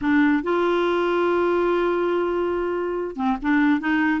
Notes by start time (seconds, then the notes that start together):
0.01 D4
0.43 F4
3.16 C4
3.42 D4
3.80 D#4